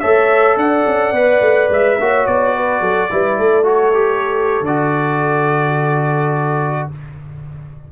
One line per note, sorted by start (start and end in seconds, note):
0.00 0.57 A3
0.00 1.14 A4
0.00 0.57 C#5
0.00 0.56 E5
0.57 0.85 D4
0.57 2.00 D5
0.57 1.71 F#5
0.86 1.12 C#4
1.12 1.40 B3
1.12 1.99 B4
1.41 1.69 A3
1.70 1.98 G#3
1.70 2.26 E5
1.99 2.27 A#3
1.99 3.10 F#4
1.99 2.56 C#5
2.26 2.81 B3
2.26 3.67 D5
2.56 2.81 B4
2.81 3.09 F#3
2.81 3.09 A4
3.10 3.38 G3
3.10 3.64 E4
3.10 3.40 B4
3.38 4.61 A3
3.38 6.90 A4
3.64 3.92 F#4
3.64 4.65 C#5
3.94 4.64 G4
4.61 6.86 D3
4.61 6.90 D5
4.67 6.92 F#4